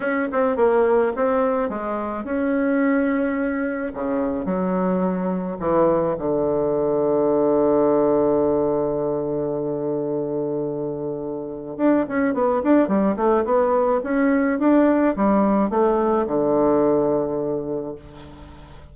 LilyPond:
\new Staff \with { instrumentName = "bassoon" } { \time 4/4 \tempo 4 = 107 cis'8 c'8 ais4 c'4 gis4 | cis'2. cis4 | fis2 e4 d4~ | d1~ |
d1~ | d4 d'8 cis'8 b8 d'8 g8 a8 | b4 cis'4 d'4 g4 | a4 d2. | }